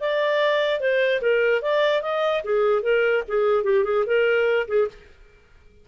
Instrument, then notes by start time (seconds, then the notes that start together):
clarinet
0.00 D5
0.80 C5
1.21 A#4
1.61 D5
2.02 D#5
2.44 G#4
2.82 A#4
3.27 G#4
3.64 G4
3.84 G#4
4.06 A#4
4.68 G#4